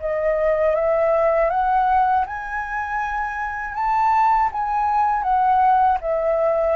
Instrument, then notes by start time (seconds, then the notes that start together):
flute
0.00 D#5
0.75 E5
1.50 F#5
2.26 G#5
3.74 A5
4.52 G#5
5.23 F#5
6.01 E5